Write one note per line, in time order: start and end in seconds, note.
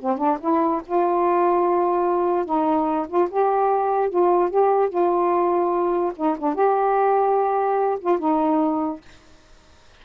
0.00 0.17 C4
0.17 0.38 D4
0.40 0.81 E4
0.86 2.45 F4
2.45 3.07 D#4
3.08 3.28 F4
3.30 4.09 G4
4.09 4.50 F4
4.50 4.89 G4
4.89 6.13 F4
6.16 6.37 D#4
6.38 6.55 D4
6.55 7.99 G4
8.00 8.19 F4
8.19 9.01 D#4